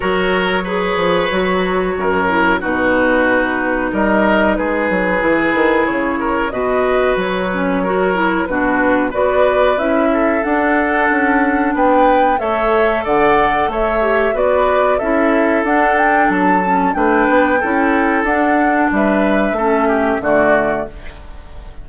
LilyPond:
<<
  \new Staff \with { instrumentName = "flute" } { \time 4/4 \tempo 4 = 92 cis''1 | b'2 dis''4 b'4~ | b'4 cis''4 dis''4 cis''4~ | cis''4 b'4 d''4 e''4 |
fis''2 g''4 e''4 | fis''4 e''4 d''4 e''4 | fis''8 g''8 a''4 g''2 | fis''4 e''2 d''4 | }
  \new Staff \with { instrumentName = "oboe" } { \time 4/4 ais'4 b'2 ais'4 | fis'2 ais'4 gis'4~ | gis'4. ais'8 b'2 | ais'4 fis'4 b'4. a'8~ |
a'2 b'4 cis''4 | d''4 cis''4 b'4 a'4~ | a'2 b'4 a'4~ | a'4 b'4 a'8 g'8 fis'4 | }
  \new Staff \with { instrumentName = "clarinet" } { \time 4/4 fis'4 gis'4 fis'4. e'8 | dis'1 | e'2 fis'4. cis'8 | fis'8 e'8 d'4 fis'4 e'4 |
d'2. a'4~ | a'4. g'8 fis'4 e'4 | d'4. cis'8 d'4 e'4 | d'2 cis'4 a4 | }
  \new Staff \with { instrumentName = "bassoon" } { \time 4/4 fis4. f8 fis4 fis,4 | b,2 g4 gis8 fis8 | e8 dis8 cis4 b,4 fis4~ | fis4 b,4 b4 cis'4 |
d'4 cis'4 b4 a4 | d4 a4 b4 cis'4 | d'4 fis4 a8 b8 cis'4 | d'4 g4 a4 d4 | }
>>